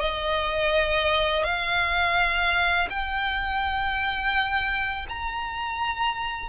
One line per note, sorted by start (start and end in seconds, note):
0.00 1.43 D#5
1.43 2.88 F5
2.89 5.06 G5
5.09 6.49 A#5